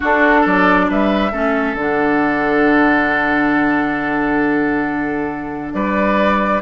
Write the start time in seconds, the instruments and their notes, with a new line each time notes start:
0.00 clarinet D4, bassoon D4, oboe F#4, flute A4
0.41 bassoon F#3, oboe A4, flute D5
0.89 bassoon G3, oboe B4, flute E5
1.32 bassoon A3, clarinet C#4, oboe A4
1.74 bassoon D3, clarinet D4, flute F#5
5.73 bassoon G3, oboe B4, flute D5